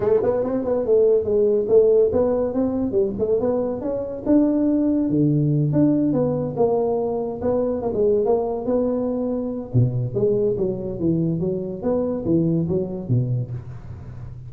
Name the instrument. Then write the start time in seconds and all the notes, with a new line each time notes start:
tuba
0.00 A3
0.22 B3
0.43 C4
0.64 B3
0.85 A3
1.24 G#3
1.68 A3
2.12 B3
2.53 C4
2.91 G3
3.18 A3
3.39 B3
3.81 C#4
4.26 D4
5.09 D3
5.72 D4
6.12 B3
6.56 A#3
7.41 B3
7.81 A#3
7.93 G#3
8.25 A#3
8.65 B3
9.73 B2
10.14 G#3
10.57 F#3
10.99 E3
11.40 F#3
11.82 B3
12.25 E3
12.68 F#3
13.08 B2